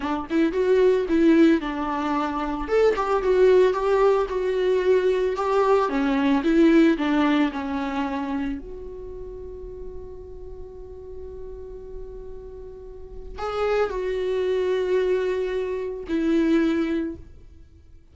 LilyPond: \new Staff \with { instrumentName = "viola" } { \time 4/4 \tempo 4 = 112 d'8 e'8 fis'4 e'4 d'4~ | d'4 a'8 g'8 fis'4 g'4 | fis'2 g'4 cis'4 | e'4 d'4 cis'2 |
fis'1~ | fis'1~ | fis'4 gis'4 fis'2~ | fis'2 e'2 | }